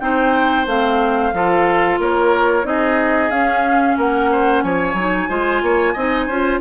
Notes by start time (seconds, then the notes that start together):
0.00 C4 D#4 C5 G5
0.67 A3 C4 F5
1.33 F3 F4 A4
1.99 A#3 A#4 C#5
2.64 C4 D#4 G#4 D#5
3.30 C#4 F5
3.97 A#3 A#4 F#5
4.32 C5
4.62 F3 C#5 G#5
4.94 F#3 D#4
5.29 G#3 F4 C5
5.62 A#3 C#5
5.94 C4 D#4 D#5
6.27 C#4 F4 C5